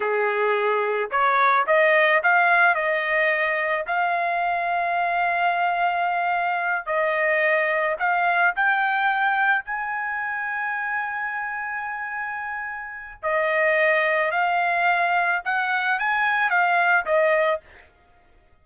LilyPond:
\new Staff \with { instrumentName = "trumpet" } { \time 4/4 \tempo 4 = 109 gis'2 cis''4 dis''4 | f''4 dis''2 f''4~ | f''1~ | f''8 dis''2 f''4 g''8~ |
g''4. gis''2~ gis''8~ | gis''1 | dis''2 f''2 | fis''4 gis''4 f''4 dis''4 | }